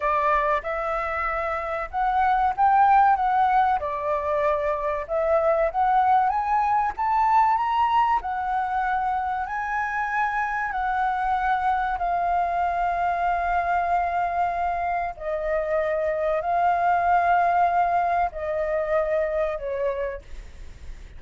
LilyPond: \new Staff \with { instrumentName = "flute" } { \time 4/4 \tempo 4 = 95 d''4 e''2 fis''4 | g''4 fis''4 d''2 | e''4 fis''4 gis''4 a''4 | ais''4 fis''2 gis''4~ |
gis''4 fis''2 f''4~ | f''1 | dis''2 f''2~ | f''4 dis''2 cis''4 | }